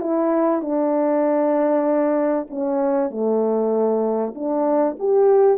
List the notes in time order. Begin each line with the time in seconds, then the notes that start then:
0.00 E4
0.62 D4
2.50 C#4
3.10 A3
4.35 D4
4.99 G4